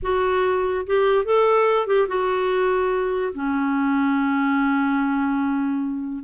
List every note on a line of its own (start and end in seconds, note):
0.02 0.85 F#4
0.86 1.24 G4
1.24 1.87 A4
1.87 2.07 G4
2.08 3.33 F#4
3.34 6.23 C#4